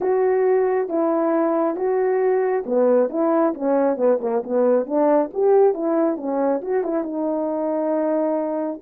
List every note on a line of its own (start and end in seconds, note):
0.00 0.88 F#4
0.88 1.76 E4
1.76 2.64 F#4
2.66 3.09 B3
3.09 3.53 E4
3.54 3.97 C#4
3.97 4.19 B3
4.20 4.42 A#3
4.43 4.85 B3
4.85 5.29 D4
5.33 5.74 G4
5.74 6.16 E4
6.16 6.61 C#4
6.61 6.83 F#4
6.83 7.03 E4
7.03 8.80 D#4